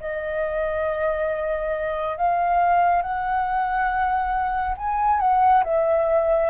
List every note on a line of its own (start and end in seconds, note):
0.00 2.17 D#5
2.17 3.02 F5
3.02 4.76 F#5
4.77 5.20 G#5
5.20 5.63 F#5
5.64 6.50 E5